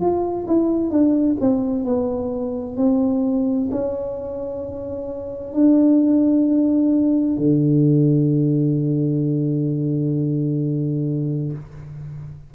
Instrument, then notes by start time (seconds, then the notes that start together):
tuba
0.00 F4
0.47 E4
0.90 D4
1.40 C4
1.84 B3
2.77 C4
3.71 C#4
5.53 D4
7.37 D3